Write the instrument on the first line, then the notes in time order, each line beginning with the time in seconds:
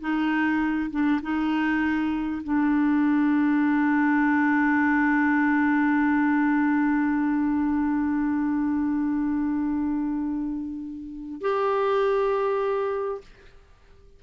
clarinet
0.00 D#4
0.90 D4
1.22 D#4
2.43 D4
11.41 G4